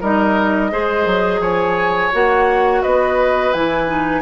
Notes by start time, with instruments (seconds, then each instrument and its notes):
0.00 bassoon G3, clarinet D#4, oboe A#4, flute D#5
0.70 bassoon G#3, clarinet G#4, oboe C5
1.06 bassoon F#3
1.40 bassoon F3, oboe C#5, flute G#5
2.12 bassoon A#3, clarinet F#4, flute F#5
2.82 bassoon B3, oboe B4, flute D#5
3.53 bassoon E3, clarinet E4, flute G#5
3.86 clarinet D#4